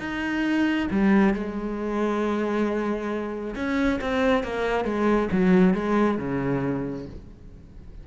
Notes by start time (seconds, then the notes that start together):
0.00 D#4
0.91 G3
1.34 G#3
3.56 C#4
4.01 C4
4.44 A#3
4.85 G#3
5.32 F#3
5.74 G#3
6.18 C#3